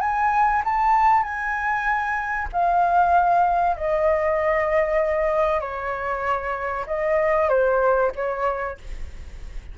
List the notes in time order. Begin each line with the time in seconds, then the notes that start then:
0.00 G#5
0.64 A5
1.22 G#5
2.52 F5
3.76 D#5
5.60 C#5
6.86 D#5
7.48 C5
8.15 C#5